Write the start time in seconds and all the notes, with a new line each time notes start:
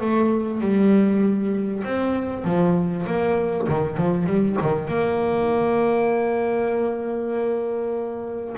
0.00 A3
0.61 G3
1.84 C4
2.44 F3
3.06 A#3
3.68 D#3
3.97 F3
4.26 G3
4.61 D#3
4.88 A#3